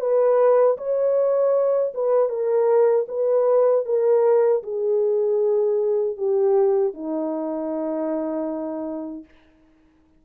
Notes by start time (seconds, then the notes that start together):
0.00 B4
0.77 C#5
1.94 B4
2.29 A#4
3.08 B4
3.85 A#4
4.63 G#4
6.17 G4
6.94 D#4